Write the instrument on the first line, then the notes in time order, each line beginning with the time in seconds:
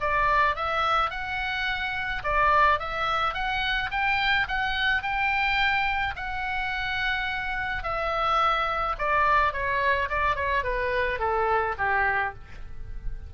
oboe
0.00 D5
0.55 E5
1.10 F#5
2.23 D5
2.79 E5
3.34 F#5
3.91 G5
4.48 F#5
5.02 G5
6.16 F#5
7.83 E5
8.98 D5
9.53 C#5
10.09 D5
10.35 C#5
10.63 B4
11.19 A4
11.78 G4